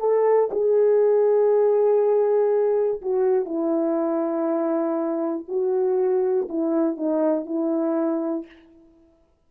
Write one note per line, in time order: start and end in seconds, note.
0.00 0.50 A4
0.51 3.01 G#4
3.02 3.45 F#4
3.45 5.45 E4
5.48 6.48 F#4
6.49 6.97 E4
6.97 7.46 D#4
7.46 8.46 E4